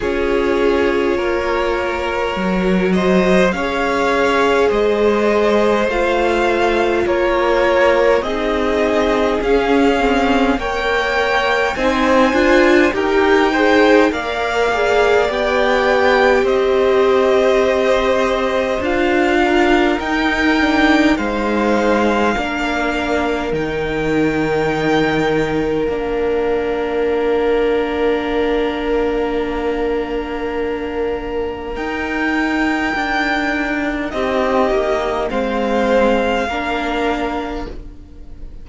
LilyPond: <<
  \new Staff \with { instrumentName = "violin" } { \time 4/4 \tempo 4 = 51 cis''2~ cis''8 dis''8 f''4 | dis''4 f''4 cis''4 dis''4 | f''4 g''4 gis''4 g''4 | f''4 g''4 dis''2 |
f''4 g''4 f''2 | g''2 f''2~ | f''2. g''4~ | g''4 dis''4 f''2 | }
  \new Staff \with { instrumentName = "violin" } { \time 4/4 gis'4 ais'4. c''8 cis''4 | c''2 ais'4 gis'4~ | gis'4 cis''4 c''4 ais'8 c''8 | d''2 c''2~ |
c''8 ais'4. c''4 ais'4~ | ais'1~ | ais'1~ | ais'4 g'4 c''4 ais'4 | }
  \new Staff \with { instrumentName = "viola" } { \time 4/4 f'2 fis'4 gis'4~ | gis'4 f'2 dis'4 | cis'8 c'8 ais'4 dis'8 f'8 g'8 gis'8 | ais'8 gis'8 g'2. |
f'4 dis'8 d'8 dis'4 d'4 | dis'2 d'2~ | d'2. dis'4~ | dis'2 c'4 d'4 | }
  \new Staff \with { instrumentName = "cello" } { \time 4/4 cis'4 ais4 fis4 cis'4 | gis4 a4 ais4 c'4 | cis'4 ais4 c'8 d'8 dis'4 | ais4 b4 c'2 |
d'4 dis'4 gis4 ais4 | dis2 ais2~ | ais2. dis'4 | d'4 c'8 ais8 gis4 ais4 | }
>>